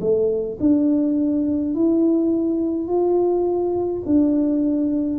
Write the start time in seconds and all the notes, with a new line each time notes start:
0.00 A3
0.60 D4
1.75 E4
2.87 F4
4.05 D4